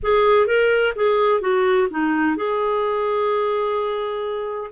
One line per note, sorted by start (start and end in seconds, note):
0.02 0.46 G#4
0.46 0.93 A#4
0.95 1.41 G#4
1.41 1.87 F#4
1.90 2.36 D#4
2.36 4.70 G#4